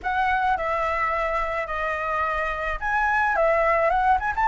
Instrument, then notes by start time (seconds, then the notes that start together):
flute
0.02 F#5
0.57 E5
1.67 D#5
2.79 G#5
3.36 E5
3.90 F#5
4.19 G#5
4.35 A5